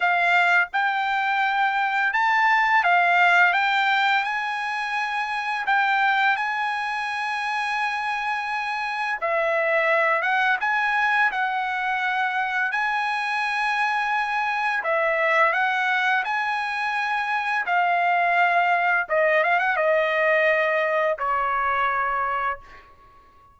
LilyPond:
\new Staff \with { instrumentName = "trumpet" } { \time 4/4 \tempo 4 = 85 f''4 g''2 a''4 | f''4 g''4 gis''2 | g''4 gis''2.~ | gis''4 e''4. fis''8 gis''4 |
fis''2 gis''2~ | gis''4 e''4 fis''4 gis''4~ | gis''4 f''2 dis''8 f''16 fis''16 | dis''2 cis''2 | }